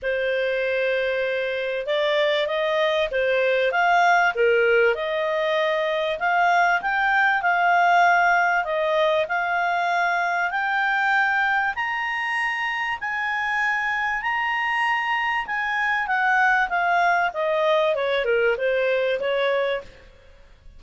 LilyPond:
\new Staff \with { instrumentName = "clarinet" } { \time 4/4 \tempo 4 = 97 c''2. d''4 | dis''4 c''4 f''4 ais'4 | dis''2 f''4 g''4 | f''2 dis''4 f''4~ |
f''4 g''2 ais''4~ | ais''4 gis''2 ais''4~ | ais''4 gis''4 fis''4 f''4 | dis''4 cis''8 ais'8 c''4 cis''4 | }